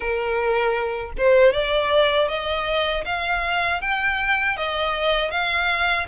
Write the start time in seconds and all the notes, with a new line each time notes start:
0.00 A#4
1.17 C5
1.52 D5
2.28 D#5
3.05 F5
3.81 G5
4.56 D#5
5.30 F5